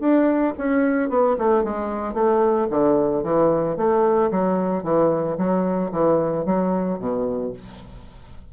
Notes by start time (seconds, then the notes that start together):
0.00 D4
0.58 C#4
1.09 B3
1.38 A3
1.64 G#3
2.14 A3
2.70 D3
3.23 E3
3.77 A3
4.31 F#3
4.84 E3
5.38 F#3
5.92 E3
6.45 F#3
6.99 B2